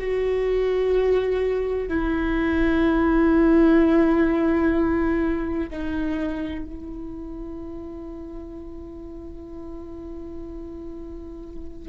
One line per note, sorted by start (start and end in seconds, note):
0.00 1.89 F#4
1.89 5.70 E4
5.71 6.66 D#4
6.66 11.89 E4